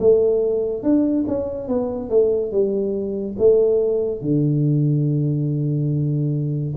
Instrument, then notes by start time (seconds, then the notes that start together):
tuba
0.00 A3
0.83 D4
1.28 C#4
1.69 B3
2.10 A3
2.52 G3
3.39 A3
4.21 D3